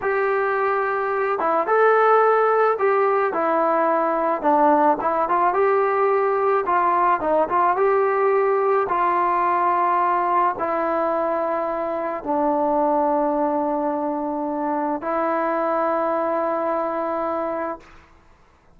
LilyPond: \new Staff \with { instrumentName = "trombone" } { \time 4/4 \tempo 4 = 108 g'2~ g'8 e'8 a'4~ | a'4 g'4 e'2 | d'4 e'8 f'8 g'2 | f'4 dis'8 f'8 g'2 |
f'2. e'4~ | e'2 d'2~ | d'2. e'4~ | e'1 | }